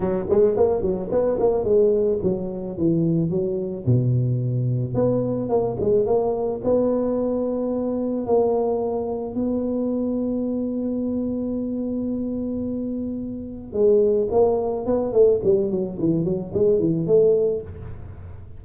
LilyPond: \new Staff \with { instrumentName = "tuba" } { \time 4/4 \tempo 4 = 109 fis8 gis8 ais8 fis8 b8 ais8 gis4 | fis4 e4 fis4 b,4~ | b,4 b4 ais8 gis8 ais4 | b2. ais4~ |
ais4 b2.~ | b1~ | b4 gis4 ais4 b8 a8 | g8 fis8 e8 fis8 gis8 e8 a4 | }